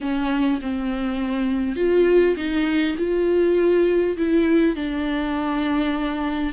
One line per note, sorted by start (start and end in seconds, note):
0.01 0.60 C#4
0.61 1.76 C4
1.76 2.35 F4
2.36 2.95 D#4
2.98 4.17 F4
4.17 4.75 E4
4.75 6.53 D4